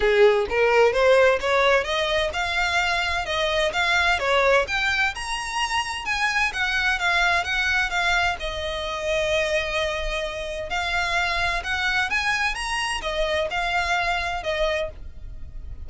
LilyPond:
\new Staff \with { instrumentName = "violin" } { \time 4/4 \tempo 4 = 129 gis'4 ais'4 c''4 cis''4 | dis''4 f''2 dis''4 | f''4 cis''4 g''4 ais''4~ | ais''4 gis''4 fis''4 f''4 |
fis''4 f''4 dis''2~ | dis''2. f''4~ | f''4 fis''4 gis''4 ais''4 | dis''4 f''2 dis''4 | }